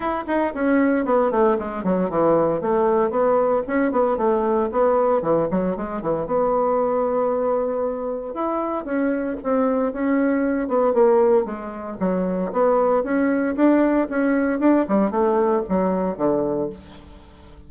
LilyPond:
\new Staff \with { instrumentName = "bassoon" } { \time 4/4 \tempo 4 = 115 e'8 dis'8 cis'4 b8 a8 gis8 fis8 | e4 a4 b4 cis'8 b8 | a4 b4 e8 fis8 gis8 e8 | b1 |
e'4 cis'4 c'4 cis'4~ | cis'8 b8 ais4 gis4 fis4 | b4 cis'4 d'4 cis'4 | d'8 g8 a4 fis4 d4 | }